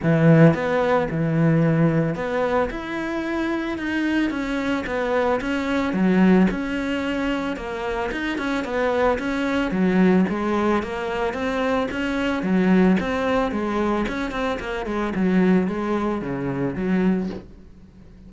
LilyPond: \new Staff \with { instrumentName = "cello" } { \time 4/4 \tempo 4 = 111 e4 b4 e2 | b4 e'2 dis'4 | cis'4 b4 cis'4 fis4 | cis'2 ais4 dis'8 cis'8 |
b4 cis'4 fis4 gis4 | ais4 c'4 cis'4 fis4 | c'4 gis4 cis'8 c'8 ais8 gis8 | fis4 gis4 cis4 fis4 | }